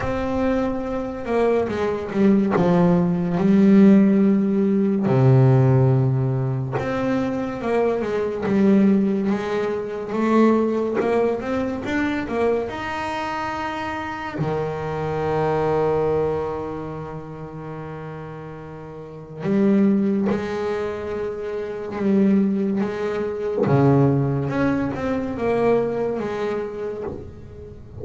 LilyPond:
\new Staff \with { instrumentName = "double bass" } { \time 4/4 \tempo 4 = 71 c'4. ais8 gis8 g8 f4 | g2 c2 | c'4 ais8 gis8 g4 gis4 | a4 ais8 c'8 d'8 ais8 dis'4~ |
dis'4 dis2.~ | dis2. g4 | gis2 g4 gis4 | cis4 cis'8 c'8 ais4 gis4 | }